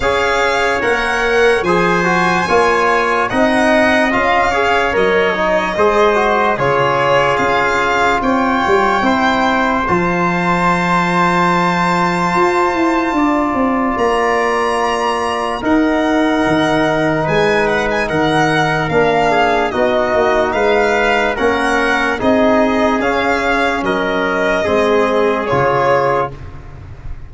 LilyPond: <<
  \new Staff \with { instrumentName = "violin" } { \time 4/4 \tempo 4 = 73 f''4 fis''4 gis''2 | fis''4 f''4 dis''2 | cis''4 f''4 g''2 | a''1~ |
a''4 ais''2 fis''4~ | fis''4 gis''8 fis''16 gis''16 fis''4 f''4 | dis''4 f''4 fis''4 dis''4 | f''4 dis''2 cis''4 | }
  \new Staff \with { instrumentName = "trumpet" } { \time 4/4 cis''2 c''4 cis''4 | dis''4. cis''4. c''4 | gis'2 cis''4 c''4~ | c''1 |
d''2. ais'4~ | ais'4 b'4 ais'4. gis'8 | fis'4 b'4 ais'4 gis'4~ | gis'4 ais'4 gis'2 | }
  \new Staff \with { instrumentName = "trombone" } { \time 4/4 gis'4 ais'4 gis'8 fis'8 f'4 | dis'4 f'8 gis'8 ais'8 dis'8 gis'8 fis'8 | f'2. e'4 | f'1~ |
f'2. dis'4~ | dis'2. d'4 | dis'2 cis'4 dis'4 | cis'2 c'4 f'4 | }
  \new Staff \with { instrumentName = "tuba" } { \time 4/4 cis'4 ais4 f4 ais4 | c'4 cis'4 fis4 gis4 | cis4 cis'4 c'8 g8 c'4 | f2. f'8 e'8 |
d'8 c'8 ais2 dis'4 | dis4 gis4 dis4 ais4 | b8 ais8 gis4 ais4 c'4 | cis'4 fis4 gis4 cis4 | }
>>